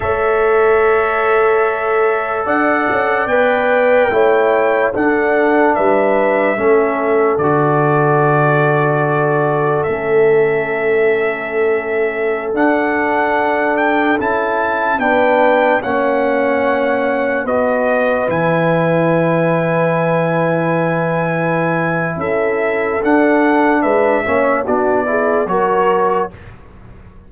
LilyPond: <<
  \new Staff \with { instrumentName = "trumpet" } { \time 4/4 \tempo 4 = 73 e''2. fis''4 | g''2 fis''4 e''4~ | e''4 d''2. | e''2.~ e''16 fis''8.~ |
fis''8. g''8 a''4 g''4 fis''8.~ | fis''4~ fis''16 dis''4 gis''4.~ gis''16~ | gis''2. e''4 | fis''4 e''4 d''4 cis''4 | }
  \new Staff \with { instrumentName = "horn" } { \time 4/4 cis''2. d''4~ | d''4 cis''4 a'4 b'4 | a'1~ | a'1~ |
a'2~ a'16 b'4 cis''8.~ | cis''4~ cis''16 b'2~ b'8.~ | b'2. a'4~ | a'4 b'8 cis''8 fis'8 gis'8 ais'4 | }
  \new Staff \with { instrumentName = "trombone" } { \time 4/4 a'1 | b'4 e'4 d'2 | cis'4 fis'2. | cis'2.~ cis'16 d'8.~ |
d'4~ d'16 e'4 d'4 cis'8.~ | cis'4~ cis'16 fis'4 e'4.~ e'16~ | e'1 | d'4. cis'8 d'8 e'8 fis'4 | }
  \new Staff \with { instrumentName = "tuba" } { \time 4/4 a2. d'8 cis'8 | b4 a4 d'4 g4 | a4 d2. | a2.~ a16 d'8.~ |
d'4~ d'16 cis'4 b4 ais8.~ | ais4~ ais16 b4 e4.~ e16~ | e2. cis'4 | d'4 gis8 ais8 b4 fis4 | }
>>